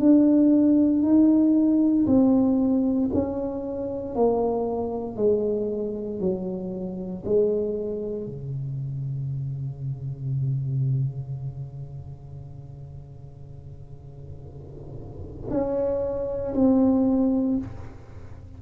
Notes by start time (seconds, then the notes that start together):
0.00 D4
1.03 D#4
2.07 C4
3.14 C#4
4.16 A#3
5.17 G#3
6.21 F#3
7.26 G#3
8.27 C#3
15.51 C#4
16.55 C4